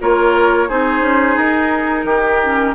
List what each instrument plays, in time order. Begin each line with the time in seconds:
0.00 bassoon A#3, clarinet F4, oboe A#4, flute C#5
0.68 bassoon C4, clarinet D#4, oboe G#4, flute C5
1.01 bassoon C#4
1.37 bassoon D#4, flute A#4
2.04 bassoon D#3, oboe G4
2.44 clarinet C#4